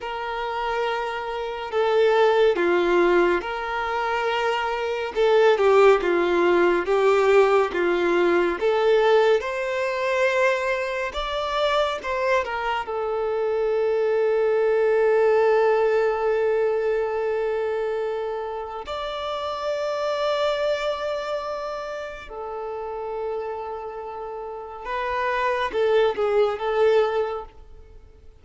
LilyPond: \new Staff \with { instrumentName = "violin" } { \time 4/4 \tempo 4 = 70 ais'2 a'4 f'4 | ais'2 a'8 g'8 f'4 | g'4 f'4 a'4 c''4~ | c''4 d''4 c''8 ais'8 a'4~ |
a'1~ | a'2 d''2~ | d''2 a'2~ | a'4 b'4 a'8 gis'8 a'4 | }